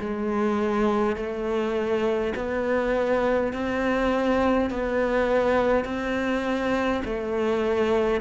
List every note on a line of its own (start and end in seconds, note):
0.00 1.16 G#3
1.16 2.34 A3
2.35 3.53 B3
3.53 4.71 C4
4.71 5.85 B3
5.85 7.03 C4
7.05 8.21 A3